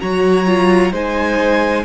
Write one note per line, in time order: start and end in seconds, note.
0.00 0.92 F#3
0.00 0.46 F#4
0.00 0.92 C#5
0.00 0.92 A#5
0.46 0.92 F4
0.92 1.84 G#3
0.92 1.85 D#4
0.92 1.84 C5
0.92 1.85 G#5